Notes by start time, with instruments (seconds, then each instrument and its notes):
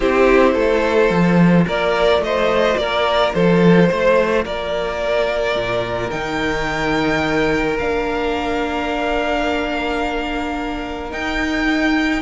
0.00 cello C4, viola E4, violin G4 C5
0.53 cello A3, violin A4
1.10 cello F3, viola F4
1.66 cello A#3, violin A#4 D5
2.19 cello A3, violin D#5
2.25 violin C5
2.77 cello A#3, violin A#4 D5
3.33 cello F3, violin A4 C5
3.89 cello A3, violin C5
4.45 cello A#3, violin A#4 D5
5.55 cello A#2
6.10 cello D#3, viola D#4, violin G5
7.78 cello A#3, viola D4, violin F5
11.10 viola D#4, cello D#4, violin G5